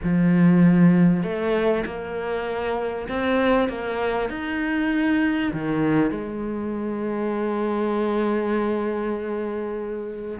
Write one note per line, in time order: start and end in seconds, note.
0.03 1.23 F3
1.23 1.84 A3
1.85 3.08 A#3
3.08 3.68 C4
3.68 4.29 A#3
4.29 5.52 D#4
5.52 6.11 D#3
6.11 10.39 G#3